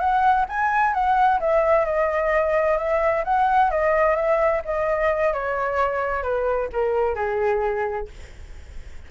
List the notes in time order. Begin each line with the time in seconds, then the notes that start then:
0.00 F#5
0.49 G#5
0.94 F#5
1.41 E5
1.86 D#5
2.78 E5
3.25 F#5
3.71 D#5
4.16 E5
4.65 D#5
5.33 C#5
6.23 B4
6.73 A#4
7.16 G#4